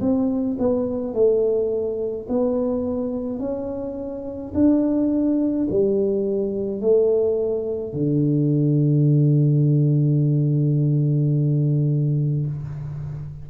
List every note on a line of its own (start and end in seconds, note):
0.00 0.57 C4
0.59 1.14 B3
1.14 2.27 A3
2.28 3.39 B3
3.39 4.52 C#4
4.54 5.68 D4
5.70 6.81 G3
6.81 7.93 A3
7.93 12.46 D3